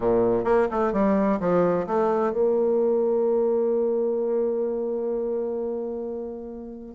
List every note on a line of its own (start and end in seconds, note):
0.00 0.44 A#2
0.44 0.67 A#3
0.70 0.92 A3
0.92 1.39 G3
1.40 1.86 F3
1.86 2.32 A3
2.32 6.95 A#3